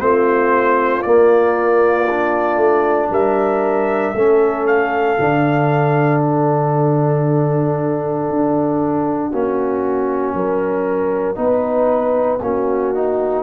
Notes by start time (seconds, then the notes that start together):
0.00 A3 C4 F4 C5
1.02 A#3 D5
2.09 D4
2.56 A3
3.10 G3 A#4 E5
4.15 A3 C#4 A4
4.67 F5
5.19 D3 D4
6.22 F#5
8.29 D4
9.31 A#3 C#4 F#4
10.34 F#3 A#4
11.35 B3 D#4 B4
12.42 A#3 C#4 F#4
12.95 D#4